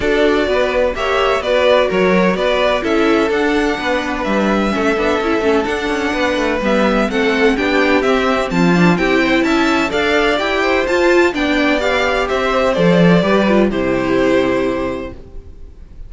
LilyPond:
<<
  \new Staff \with { instrumentName = "violin" } { \time 4/4 \tempo 4 = 127 d''2 e''4 d''4 | cis''4 d''4 e''4 fis''4~ | fis''4 e''2. | fis''2 e''4 fis''4 |
g''4 e''4 a''4 g''4 | a''4 f''4 g''4 a''4 | g''4 f''4 e''4 d''4~ | d''4 c''2. | }
  \new Staff \with { instrumentName = "violin" } { \time 4/4 a'4 b'4 cis''4 b'4 | ais'4 b'4 a'2 | b'2 a'2~ | a'4 b'2 a'4 |
g'2 f'4 g'8 c''8 | e''4 d''4. c''4. | d''2 c''2 | b'4 g'2. | }
  \new Staff \with { instrumentName = "viola" } { \time 4/4 fis'2 g'4 fis'4~ | fis'2 e'4 d'4~ | d'2 cis'8 d'8 e'8 cis'8 | d'2 b4 c'4 |
d'4 c'4. d'8 e'4~ | e'4 a'4 g'4 f'4 | d'4 g'2 a'4 | g'8 f'8 e'2. | }
  \new Staff \with { instrumentName = "cello" } { \time 4/4 d'4 b4 ais4 b4 | fis4 b4 cis'4 d'4 | b4 g4 a8 b8 cis'8 a8 | d'8 cis'8 b8 a8 g4 a4 |
b4 c'4 f4 c'4 | cis'4 d'4 e'4 f'4 | b2 c'4 f4 | g4 c2. | }
>>